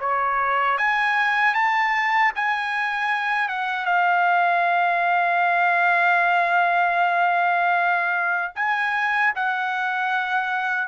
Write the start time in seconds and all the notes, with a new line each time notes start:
0.00 C#5
0.78 G#5
1.54 A5
2.36 G#5
3.49 F#5
3.85 F5
8.55 G#5
9.35 F#5